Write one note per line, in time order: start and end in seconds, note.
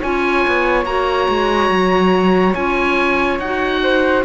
0.00 0.46 C#4
0.00 0.86 F4
0.00 3.80 C#5
0.00 0.85 G#5
0.47 0.85 B3
0.85 1.27 A#3
0.85 2.55 F#4
0.85 2.54 A#5
1.29 1.69 G#3
1.69 2.54 F#3
2.54 3.39 C#4
2.54 3.40 F4
2.54 3.39 G#5
3.39 4.23 D#4
3.39 4.25 F#4
3.39 4.24 F#5
3.83 4.25 C5